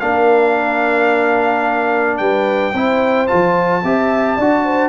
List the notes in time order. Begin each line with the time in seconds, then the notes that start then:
0.00 A#3 D4 A#4 F5
2.18 G3 B4 G5
2.74 C4 E4 C5
3.27 F4 A5
3.34 F3
3.84 C4 G4 E5
4.37 D4 F#4 D5
4.65 C5